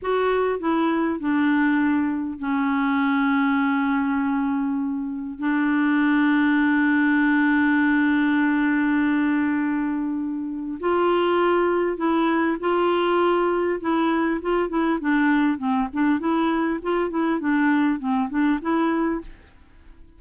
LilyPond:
\new Staff \with { instrumentName = "clarinet" } { \time 4/4 \tempo 4 = 100 fis'4 e'4 d'2 | cis'1~ | cis'4 d'2.~ | d'1~ |
d'2 f'2 | e'4 f'2 e'4 | f'8 e'8 d'4 c'8 d'8 e'4 | f'8 e'8 d'4 c'8 d'8 e'4 | }